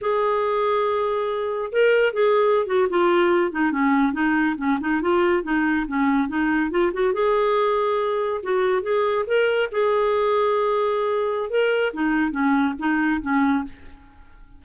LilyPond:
\new Staff \with { instrumentName = "clarinet" } { \time 4/4 \tempo 4 = 141 gis'1 | ais'4 gis'4~ gis'16 fis'8 f'4~ f'16~ | f'16 dis'8 cis'4 dis'4 cis'8 dis'8 f'16~ | f'8. dis'4 cis'4 dis'4 f'16~ |
f'16 fis'8 gis'2. fis'16~ | fis'8. gis'4 ais'4 gis'4~ gis'16~ | gis'2. ais'4 | dis'4 cis'4 dis'4 cis'4 | }